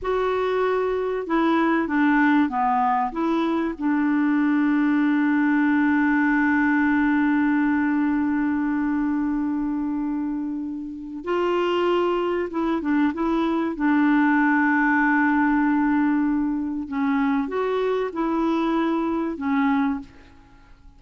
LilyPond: \new Staff \with { instrumentName = "clarinet" } { \time 4/4 \tempo 4 = 96 fis'2 e'4 d'4 | b4 e'4 d'2~ | d'1~ | d'1~ |
d'2 f'2 | e'8 d'8 e'4 d'2~ | d'2. cis'4 | fis'4 e'2 cis'4 | }